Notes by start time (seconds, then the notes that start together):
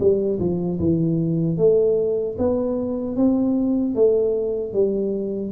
0.00 G3
0.39 F3
0.80 E3
1.58 A3
2.39 B3
3.16 C4
3.95 A3
4.74 G3